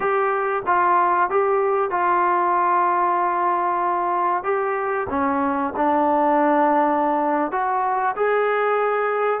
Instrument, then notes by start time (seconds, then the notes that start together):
trombone
0.00 G4
0.66 F4
1.30 G4
1.90 F4
4.43 G4
5.09 C#4
5.76 D4
7.51 F#4
8.16 G#4